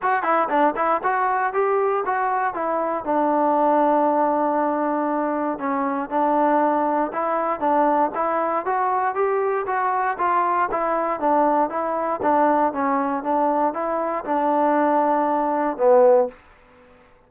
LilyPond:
\new Staff \with { instrumentName = "trombone" } { \time 4/4 \tempo 4 = 118 fis'8 e'8 d'8 e'8 fis'4 g'4 | fis'4 e'4 d'2~ | d'2. cis'4 | d'2 e'4 d'4 |
e'4 fis'4 g'4 fis'4 | f'4 e'4 d'4 e'4 | d'4 cis'4 d'4 e'4 | d'2. b4 | }